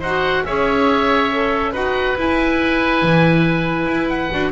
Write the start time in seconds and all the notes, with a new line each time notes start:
0.00 D#4 F#4 C5 F#5
0.45 C#4 G#4 C#5 E5
1.32 A4
1.72 D#4 F#4 B4 F#5
2.17 E4 G#5
3.02 E3
3.87 E4
4.09 F#5
4.31 D4 F#4